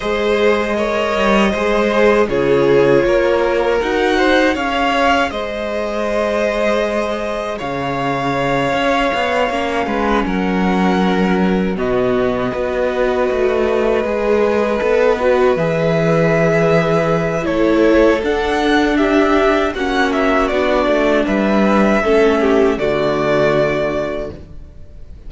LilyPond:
<<
  \new Staff \with { instrumentName = "violin" } { \time 4/4 \tempo 4 = 79 dis''2. cis''4~ | cis''4 fis''4 f''4 dis''4~ | dis''2 f''2~ | f''4. fis''2 dis''8~ |
dis''1~ | dis''8 e''2~ e''8 cis''4 | fis''4 e''4 fis''8 e''8 d''4 | e''2 d''2 | }
  \new Staff \with { instrumentName = "violin" } { \time 4/4 c''4 cis''4 c''4 gis'4 | ais'4. c''8 cis''4 c''4~ | c''2 cis''2~ | cis''4 b'8 ais'2 fis'8~ |
fis'8 b'2.~ b'8~ | b'2. a'4~ | a'4 g'4 fis'2 | b'4 a'8 g'8 fis'2 | }
  \new Staff \with { instrumentName = "viola" } { \time 4/4 gis'4 ais'4 gis'4 f'4~ | f'4 fis'4 gis'2~ | gis'1~ | gis'8 cis'2. b8~ |
b8 fis'2 gis'4 a'8 | fis'8 gis'2~ gis'8 e'4 | d'2 cis'4 d'4~ | d'4 cis'4 a2 | }
  \new Staff \with { instrumentName = "cello" } { \time 4/4 gis4. g8 gis4 cis4 | ais4 dis'4 cis'4 gis4~ | gis2 cis4. cis'8 | b8 ais8 gis8 fis2 b,8~ |
b,8 b4 a4 gis4 b8~ | b8 e2~ e8 a4 | d'2 ais4 b8 a8 | g4 a4 d2 | }
>>